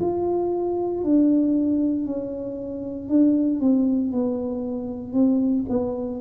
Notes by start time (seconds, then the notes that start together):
0.00 F4
1.03 D4
2.05 C#4
3.08 D4
3.60 C4
4.11 B3
5.13 C4
5.69 B3